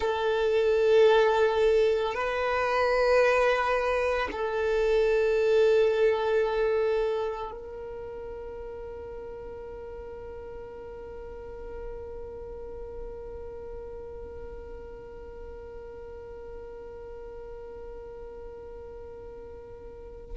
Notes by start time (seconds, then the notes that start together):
0.00 A4
2.14 B4
4.31 A4
7.50 A#4